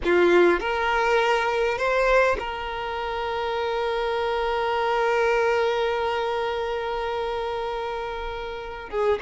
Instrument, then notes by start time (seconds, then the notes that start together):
violin
0.04 F4
0.60 A#4
1.77 C5
2.39 A#4
8.89 G#4